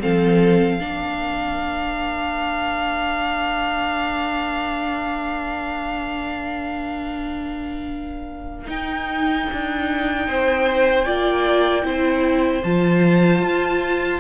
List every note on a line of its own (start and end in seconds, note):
0.00 0.80 F3
0.00 0.79 C4
0.00 0.80 A4
0.00 8.69 F5
0.80 8.68 A#3
0.80 8.66 D4
0.80 10.28 A#4
8.66 11.03 D#4
8.66 9.47 D#4
8.66 12.63 G5
9.52 10.28 D4
10.28 11.07 C4
10.28 11.05 C5
11.05 11.84 A#3
11.05 11.83 F4
11.05 11.84 D5
11.83 12.63 C4
11.83 12.62 E4
11.83 14.20 C5
12.63 13.42 F3
12.63 14.20 F4
12.63 14.20 A5
13.42 14.20 F4